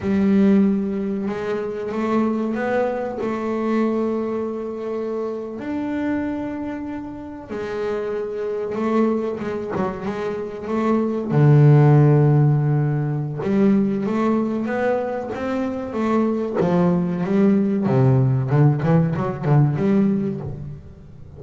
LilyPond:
\new Staff \with { instrumentName = "double bass" } { \time 4/4 \tempo 4 = 94 g2 gis4 a4 | b4 a2.~ | a8. d'2. gis16~ | gis4.~ gis16 a4 gis8 fis8 gis16~ |
gis8. a4 d2~ d16~ | d4 g4 a4 b4 | c'4 a4 f4 g4 | c4 d8 e8 fis8 d8 g4 | }